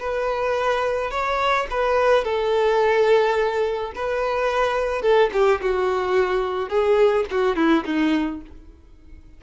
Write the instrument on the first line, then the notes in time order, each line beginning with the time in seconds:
violin
0.00 B4
1.11 C#5
1.71 B4
2.25 A4
3.95 B4
5.02 A4
5.33 G4
5.62 F#4
6.70 G#4
7.31 F#4
7.56 E4
7.85 D#4